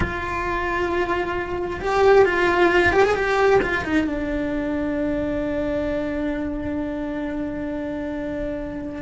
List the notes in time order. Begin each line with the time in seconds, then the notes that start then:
0.00 F4
1.80 G4
2.25 F4
2.92 G4
3.03 G#4
3.15 G4
3.62 F4
3.84 D#4
4.07 D4